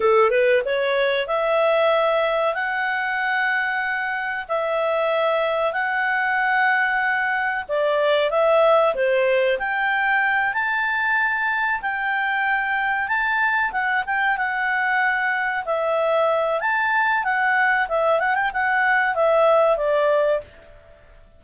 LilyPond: \new Staff \with { instrumentName = "clarinet" } { \time 4/4 \tempo 4 = 94 a'8 b'8 cis''4 e''2 | fis''2. e''4~ | e''4 fis''2. | d''4 e''4 c''4 g''4~ |
g''8 a''2 g''4.~ | g''8 a''4 fis''8 g''8 fis''4.~ | fis''8 e''4. a''4 fis''4 | e''8 fis''16 g''16 fis''4 e''4 d''4 | }